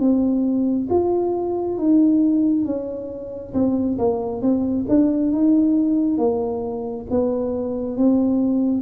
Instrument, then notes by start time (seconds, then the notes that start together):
tuba
0.00 C4
0.90 F4
1.78 D#4
2.66 C#4
3.54 C4
3.98 A#3
4.42 C4
4.89 D4
5.32 D#4
6.18 A#3
7.10 B3
7.97 C4